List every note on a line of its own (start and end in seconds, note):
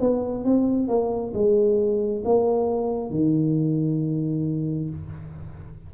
0.00 0.44 B3
0.44 0.88 C4
0.88 1.33 A#3
1.34 2.23 G#3
2.25 3.11 A#3
3.11 4.90 D#3